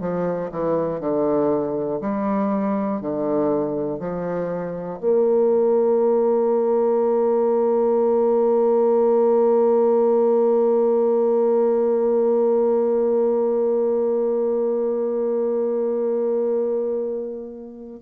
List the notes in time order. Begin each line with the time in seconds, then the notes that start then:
0.00 F3
0.51 E3
1.00 D3
2.01 G3
3.01 D3
4.00 F3
5.00 A#3